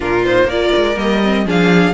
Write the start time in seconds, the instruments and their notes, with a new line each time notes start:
0.00 cello A#2, viola D4, violin F4 A#4
0.25 viola D#4, violin C5
0.44 cello A#3, viola F4, violin A#4 D5
0.76 cello G#3
0.95 cello G3, viola A#3, violin D#5
1.23 viola C4
1.45 cello F3, viola D4, violin G#4 F5